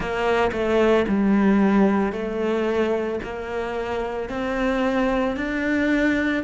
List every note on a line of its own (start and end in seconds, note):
0.00 0.51 A#3
0.52 1.05 A3
1.08 2.12 G3
2.12 3.19 A3
3.23 4.29 A#3
4.29 5.36 C4
5.36 6.43 D4